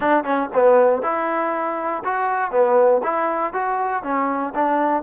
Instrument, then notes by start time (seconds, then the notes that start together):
trombone
0.00 D4
0.24 C#4
0.53 B3
1.02 E4
2.04 F#4
2.51 B3
3.03 E4
3.53 F#4
4.03 C#4
4.54 D4